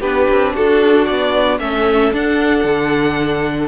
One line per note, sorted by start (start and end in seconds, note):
0.00 0.27 B3
0.00 1.60 D4
0.00 0.53 G4
0.00 0.54 B4
0.30 0.56 C4
0.55 1.10 D4
0.55 1.60 F#4
0.55 1.05 A4
1.05 1.59 B3
1.05 1.58 D5
1.59 2.12 A3
1.59 2.12 C#4
1.59 3.68 A4
1.59 2.13 E5
2.13 2.64 D4
2.13 3.68 D4
2.13 3.68 F#5
2.64 3.68 D3